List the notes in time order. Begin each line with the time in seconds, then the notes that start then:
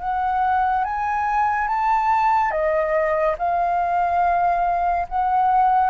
0.00 F#5
0.85 G#5
1.68 A5
2.51 D#5
3.38 F5
5.09 F#5